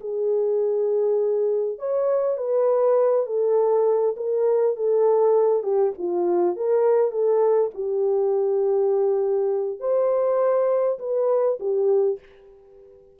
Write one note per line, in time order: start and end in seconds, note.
0.00 1.78 G#4
1.78 2.37 C#5
2.37 3.26 B4
3.26 4.15 A4
4.16 4.76 A#4
4.76 5.63 A4
5.63 5.92 G4
5.98 6.56 F4
6.56 7.11 A#4
7.11 7.70 A4
7.74 9.79 G4
9.79 10.98 C5
10.99 11.58 B4
11.59 12.19 G4